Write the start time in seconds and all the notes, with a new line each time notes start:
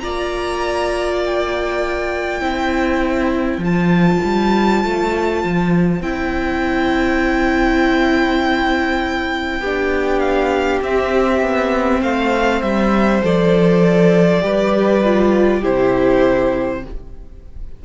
0.00 A#3 F4 D5 A#5
1.25 G5
2.40 C4 E4 C5
3.58 F3 F4
3.64 A5
4.24 G3
4.84 A3
5.44 F3
6.01 C4 E4 G5
9.60 B3 D4 G4
10.19 F5
10.81 C4 E5
11.41 B3
12.02 A3 C5 F5
12.61 G3 E5
13.22 F3 A4 D5
14.41 G3 G4 B4
15.04 F4
15.60 C3 E4 G4 C5